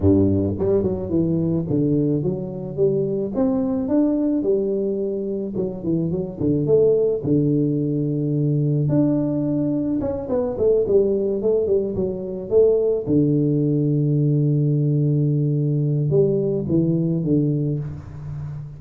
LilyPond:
\new Staff \with { instrumentName = "tuba" } { \time 4/4 \tempo 4 = 108 g,4 g8 fis8 e4 d4 | fis4 g4 c'4 d'4 | g2 fis8 e8 fis8 d8 | a4 d2. |
d'2 cis'8 b8 a8 g8~ | g8 a8 g8 fis4 a4 d8~ | d1~ | d4 g4 e4 d4 | }